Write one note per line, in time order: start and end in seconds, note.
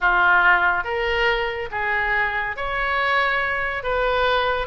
0.00 0.84 F4
0.84 1.69 A#4
1.71 2.56 G#4
2.56 3.83 C#5
3.83 4.67 B4